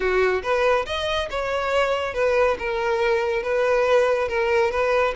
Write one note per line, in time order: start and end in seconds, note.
0.00 0.42 F#4
0.42 0.85 B4
0.86 1.29 D#5
1.30 2.14 C#5
2.14 2.57 B4
2.58 3.43 A#4
3.43 4.28 B4
4.28 4.71 A#4
4.71 5.14 B4